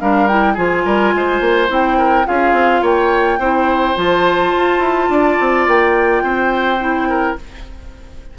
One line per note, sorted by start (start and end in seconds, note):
0.00 0.57 G3
0.00 0.29 D4
0.00 0.54 A#4
0.00 0.28 F5
0.28 0.56 E4
0.28 0.56 G5
0.54 0.85 F3
0.54 1.68 F4
0.54 0.82 G#4
0.54 1.70 G#5
0.85 1.13 G3
0.85 1.14 A#4
1.15 1.40 G#3
1.15 1.98 C5
1.40 1.69 A#3
1.68 2.26 C4
1.68 2.25 E4
1.68 2.27 G5
1.98 2.27 A#4
2.25 2.53 C#4
2.25 3.39 F4
2.25 2.82 G#4
2.25 2.84 F5
2.53 2.81 C4
2.82 3.39 A#3
2.82 3.39 C#5
2.82 3.97 G5
3.39 3.95 C4
3.39 3.95 E4
3.39 5.09 C5
3.95 4.53 F3
3.95 6.78 F4
3.95 5.67 A5
4.57 4.79 F4
4.79 5.07 E4
5.09 5.38 D4
5.09 6.23 D5
5.40 5.67 C4
5.67 6.23 A#3
5.67 7.38 G5
6.23 7.36 C4
6.23 7.08 C5
6.80 7.36 E4
7.09 7.37 A#4